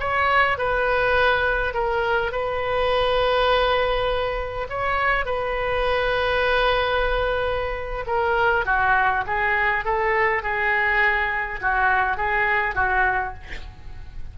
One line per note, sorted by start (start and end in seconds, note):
0.00 0.58 C#5
0.58 1.74 B4
1.74 2.32 A#4
2.32 4.68 B4
4.70 5.26 C#5
5.26 8.05 B4
8.07 8.66 A#4
8.66 9.25 F#4
9.27 9.85 G#4
9.85 10.43 A4
10.43 11.61 G#4
11.61 12.17 F#4
12.17 12.75 G#4
12.75 13.34 F#4